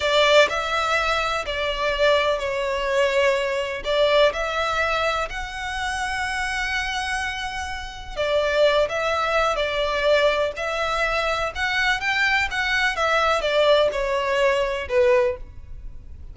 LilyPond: \new Staff \with { instrumentName = "violin" } { \time 4/4 \tempo 4 = 125 d''4 e''2 d''4~ | d''4 cis''2. | d''4 e''2 fis''4~ | fis''1~ |
fis''4 d''4. e''4. | d''2 e''2 | fis''4 g''4 fis''4 e''4 | d''4 cis''2 b'4 | }